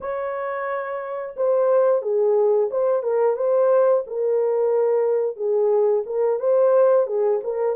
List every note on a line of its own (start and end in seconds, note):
0.00 1.35 C#5
1.36 2.02 C5
2.02 2.69 G#4
2.70 3.02 C5
3.02 3.36 A#4
3.36 4.03 C5
4.06 5.36 A#4
5.36 6.03 G#4
6.06 6.39 A#4
6.39 7.06 C5
7.06 7.40 G#4
7.43 7.75 A#4